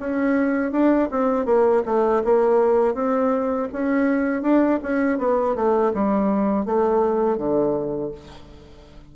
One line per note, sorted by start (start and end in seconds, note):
0.00 0.72 C#4
0.72 1.09 D4
1.11 1.45 C4
1.45 1.82 A#3
1.86 2.23 A3
2.24 2.94 A#3
2.94 3.68 C4
3.73 4.42 C#4
4.42 4.79 D4
4.82 5.18 C#4
5.18 5.55 B3
5.55 5.92 A3
5.94 6.65 G3
6.65 7.37 A3
7.37 8.11 D3